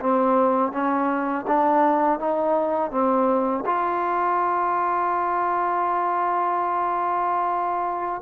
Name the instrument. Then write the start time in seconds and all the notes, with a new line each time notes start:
trombone
0.00 C4
0.72 C#4
1.47 D4
2.19 D#4
2.91 C4
3.66 F4